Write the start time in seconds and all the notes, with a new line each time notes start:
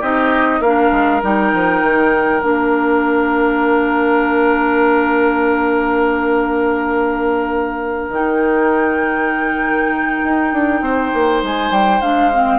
0.00 C4 D#4 G4 D#5
0.60 A#3 D4 A#4 F5
0.91 G#3
1.22 G3 D#4 G5
1.53 F3
1.82 D#3
2.40 A#3 D4 F5
8.08 D#3 D#4 G5
10.24 D#4
10.53 D4
10.81 C4 C5
11.13 A#3
11.43 G#3 G#5
11.70 G3 G5
12.01 G#3 D4 F5
12.33 C4